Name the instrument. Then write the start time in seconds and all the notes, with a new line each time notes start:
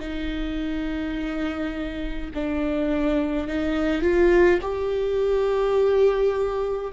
viola
0.00 D#4
2.35 D4
3.48 D#4
4.02 F4
4.62 G4